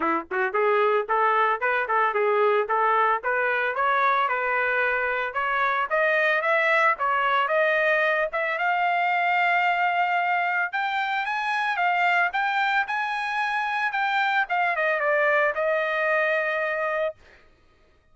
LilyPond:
\new Staff \with { instrumentName = "trumpet" } { \time 4/4 \tempo 4 = 112 e'8 fis'8 gis'4 a'4 b'8 a'8 | gis'4 a'4 b'4 cis''4 | b'2 cis''4 dis''4 | e''4 cis''4 dis''4. e''8 |
f''1 | g''4 gis''4 f''4 g''4 | gis''2 g''4 f''8 dis''8 | d''4 dis''2. | }